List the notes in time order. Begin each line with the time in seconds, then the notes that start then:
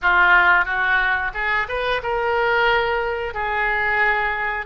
0.02 F4
0.65 F#4
1.33 G#4
1.68 B4
2.02 A#4
3.33 G#4